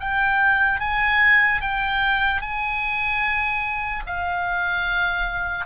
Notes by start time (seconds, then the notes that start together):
0.00 G5
0.80 G#5
1.61 G5
2.41 G#5
4.07 F5